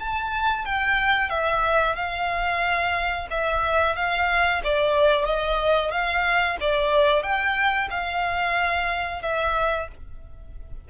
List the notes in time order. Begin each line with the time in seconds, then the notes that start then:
0.00 A5
0.66 G5
1.30 E5
1.96 F5
3.31 E5
3.96 F5
4.64 D5
5.25 D#5
5.91 F5
6.61 D5
7.23 G5
7.91 F5
9.22 E5